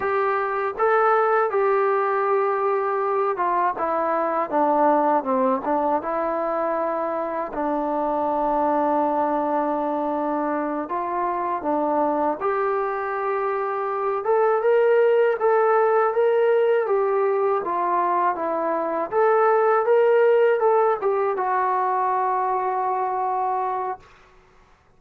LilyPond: \new Staff \with { instrumentName = "trombone" } { \time 4/4 \tempo 4 = 80 g'4 a'4 g'2~ | g'8 f'8 e'4 d'4 c'8 d'8 | e'2 d'2~ | d'2~ d'8 f'4 d'8~ |
d'8 g'2~ g'8 a'8 ais'8~ | ais'8 a'4 ais'4 g'4 f'8~ | f'8 e'4 a'4 ais'4 a'8 | g'8 fis'2.~ fis'8 | }